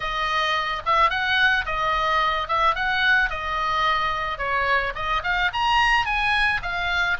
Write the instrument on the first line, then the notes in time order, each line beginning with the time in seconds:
oboe
0.00 D#5
0.85 E5
1.10 F#5
1.65 D#5
2.48 E5
2.75 F#5
3.30 D#5
4.38 C#5
4.95 D#5
5.23 F5
5.53 A#5
6.06 G#5
6.62 F5